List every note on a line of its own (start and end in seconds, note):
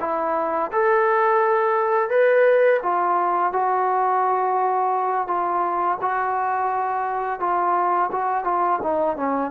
0.00 0.71 E4
0.72 2.10 A4
2.10 2.80 B4
2.82 3.53 F4
3.53 5.27 F#4
5.27 5.98 F4
6.01 7.40 F#4
7.40 8.10 F4
8.11 8.44 F#4
8.44 8.79 F4
8.82 9.17 D#4
9.17 9.51 C#4